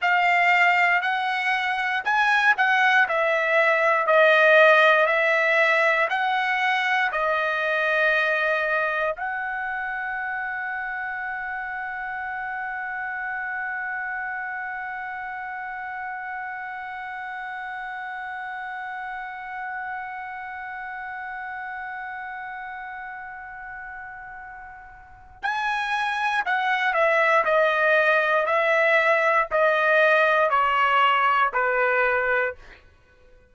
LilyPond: \new Staff \with { instrumentName = "trumpet" } { \time 4/4 \tempo 4 = 59 f''4 fis''4 gis''8 fis''8 e''4 | dis''4 e''4 fis''4 dis''4~ | dis''4 fis''2.~ | fis''1~ |
fis''1~ | fis''1~ | fis''4 gis''4 fis''8 e''8 dis''4 | e''4 dis''4 cis''4 b'4 | }